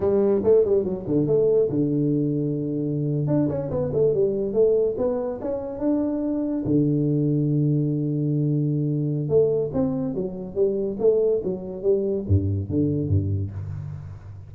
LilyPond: \new Staff \with { instrumentName = "tuba" } { \time 4/4 \tempo 4 = 142 g4 a8 g8 fis8 d8 a4 | d2.~ d8. d'16~ | d'16 cis'8 b8 a8 g4 a4 b16~ | b8. cis'4 d'2 d16~ |
d1~ | d2 a4 c'4 | fis4 g4 a4 fis4 | g4 g,4 d4 g,4 | }